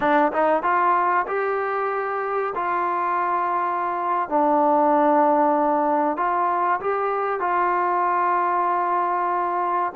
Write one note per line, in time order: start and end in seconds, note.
0.00 0.32 D4
0.32 0.63 D#4
0.63 1.26 F4
1.27 2.53 G4
2.55 4.29 F4
4.29 6.16 D4
6.16 6.80 F4
6.80 7.40 G4
7.40 9.92 F4